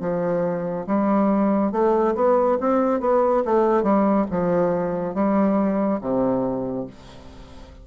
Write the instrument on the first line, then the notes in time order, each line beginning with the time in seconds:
bassoon
0.00 F3
0.86 G3
1.71 A3
2.15 B3
2.60 C4
3.00 B3
3.45 A3
3.83 G3
4.31 F3
5.14 G3
6.01 C3